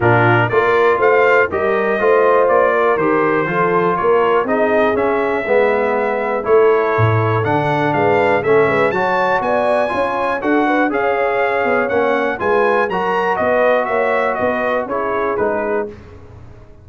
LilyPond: <<
  \new Staff \with { instrumentName = "trumpet" } { \time 4/4 \tempo 4 = 121 ais'4 d''4 f''4 dis''4~ | dis''4 d''4 c''2 | cis''4 dis''4 e''2~ | e''4 cis''2 fis''4 |
f''4 e''4 a''4 gis''4~ | gis''4 fis''4 f''2 | fis''4 gis''4 ais''4 dis''4 | e''4 dis''4 cis''4 b'4 | }
  \new Staff \with { instrumentName = "horn" } { \time 4/4 f'4 ais'4 c''4 ais'4 | c''4. ais'4. a'4 | ais'4 gis'2 b'4~ | b'4 a'2. |
b'4 a'8 b'8 cis''4 d''4 | cis''4 a'8 b'8 cis''2~ | cis''4 b'4 ais'4 b'4 | cis''4 b'4 gis'2 | }
  \new Staff \with { instrumentName = "trombone" } { \time 4/4 d'4 f'2 g'4 | f'2 g'4 f'4~ | f'4 dis'4 cis'4 b4~ | b4 e'2 d'4~ |
d'4 cis'4 fis'2 | f'4 fis'4 gis'2 | cis'4 f'4 fis'2~ | fis'2 e'4 dis'4 | }
  \new Staff \with { instrumentName = "tuba" } { \time 4/4 ais,4 ais4 a4 g4 | a4 ais4 dis4 f4 | ais4 c'4 cis'4 gis4~ | gis4 a4 a,4 d4 |
gis4 a8 gis8 fis4 b4 | cis'4 d'4 cis'4. b8 | ais4 gis4 fis4 b4 | ais4 b4 cis'4 gis4 | }
>>